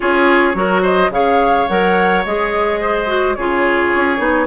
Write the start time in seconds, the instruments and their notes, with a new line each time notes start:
0.00 bassoon C#4, clarinet F4, oboe G#4, flute C#5
0.54 bassoon F#3, clarinet F#4, oboe A#4
0.82 oboe C5, flute D#5
1.09 bassoon C#3, clarinet G#4, oboe C#5, flute F5
1.67 bassoon F#3, clarinet A#4, flute F#5
2.24 bassoon G#3, clarinet G#4, flute D#5
2.80 oboe C5
3.06 clarinet F#4
3.34 bassoon C#3, clarinet F4, oboe G#4, flute C#5
3.95 bassoon C#4
4.17 bassoon B3, clarinet D#4